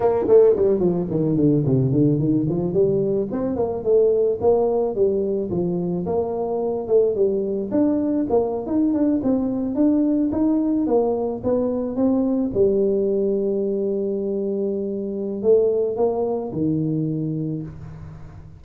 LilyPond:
\new Staff \with { instrumentName = "tuba" } { \time 4/4 \tempo 4 = 109 ais8 a8 g8 f8 dis8 d8 c8 d8 | dis8 f8 g4 c'8 ais8 a4 | ais4 g4 f4 ais4~ | ais8 a8 g4 d'4 ais8. dis'16~ |
dis'16 d'8 c'4 d'4 dis'4 ais16~ | ais8. b4 c'4 g4~ g16~ | g1 | a4 ais4 dis2 | }